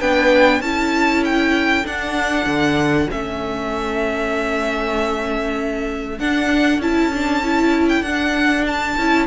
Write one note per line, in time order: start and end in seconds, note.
0.00 0.60 B3
0.00 0.62 D4
0.00 0.62 B4
0.00 0.61 G5
0.60 1.84 C#4
0.60 1.84 E4
0.60 9.26 A4
0.60 1.23 A5
1.24 1.86 G5
1.84 3.07 D4
1.84 2.45 D4
1.84 3.10 F#5
2.45 3.07 D3
3.10 6.19 A3
3.10 6.19 C#4
3.10 6.19 E5
6.19 6.77 D4
6.19 6.81 D4
6.19 6.81 F#5
6.77 8.01 C#4
6.77 7.12 E4
6.77 7.88 A5
7.13 7.43 D4
7.43 8.05 E4
7.88 8.02 G5
8.01 8.94 D4
8.01 8.98 D4
8.01 8.64 F#5
8.66 9.26 A5
8.97 9.26 C#4
8.97 9.26 E4